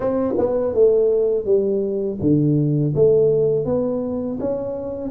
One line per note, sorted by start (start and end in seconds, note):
0.00 0.34 C4
0.38 0.74 B3
0.74 1.45 A3
1.45 2.18 G3
2.21 2.94 D3
2.95 3.65 A3
3.65 4.38 B3
4.40 5.11 C#4